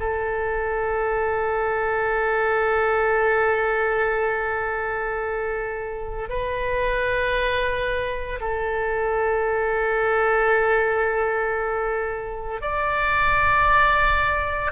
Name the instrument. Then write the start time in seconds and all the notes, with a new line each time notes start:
oboe
0.00 A4
6.30 B4
8.41 A4
12.61 D5